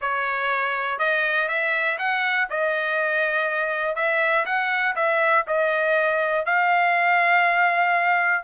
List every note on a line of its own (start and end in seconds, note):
0.01 0.98 C#5
0.98 1.48 D#5
1.48 1.98 E5
1.98 2.48 F#5
2.50 3.95 D#5
3.95 4.45 E5
4.45 4.95 F#5
4.95 5.45 E5
5.47 6.45 D#5
6.45 8.43 F5